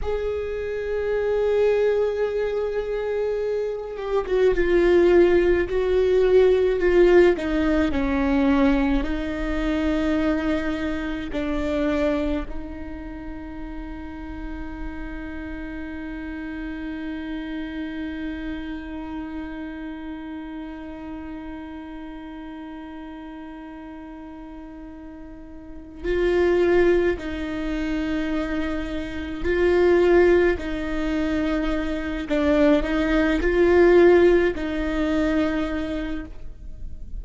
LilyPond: \new Staff \with { instrumentName = "viola" } { \time 4/4 \tempo 4 = 53 gis'2.~ gis'8 g'16 fis'16 | f'4 fis'4 f'8 dis'8 cis'4 | dis'2 d'4 dis'4~ | dis'1~ |
dis'1~ | dis'2. f'4 | dis'2 f'4 dis'4~ | dis'8 d'8 dis'8 f'4 dis'4. | }